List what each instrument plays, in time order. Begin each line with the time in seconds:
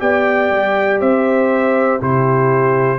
0.00 tuba B3, trombone G4, horn D5, trumpet G5
0.51 tuba G3
1.01 tuba C4, horn C5, trumpet E5
2.01 tuba C3, trombone E4, horn G4, trumpet C5